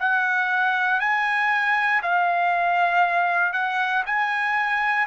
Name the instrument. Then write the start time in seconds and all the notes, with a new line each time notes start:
trumpet
0.00 F#5
1.00 G#5
2.03 F5
3.53 F#5
4.06 G#5